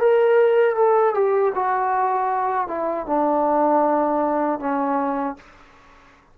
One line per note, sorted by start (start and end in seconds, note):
0.00 0.76 A#4
0.76 1.14 A4
1.14 1.53 G4
1.55 2.67 F#4
2.67 3.06 E4
3.06 4.59 D4
4.59 5.36 C#4